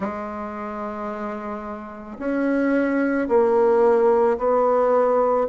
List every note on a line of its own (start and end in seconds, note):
0.00 2.18 G#3
2.18 3.27 C#4
3.28 4.37 A#3
4.38 5.47 B3